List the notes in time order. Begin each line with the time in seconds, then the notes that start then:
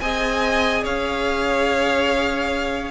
0.00 C4 G#4 D#5 G#5
0.83 C#4 C#5 F5